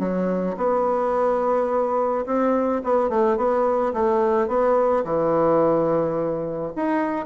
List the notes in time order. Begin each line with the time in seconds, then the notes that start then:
0.00 F#3
0.58 B3
2.26 C4
2.84 B3
3.10 A3
3.37 B3
3.94 A3
4.48 B3
5.05 E3
6.76 D#4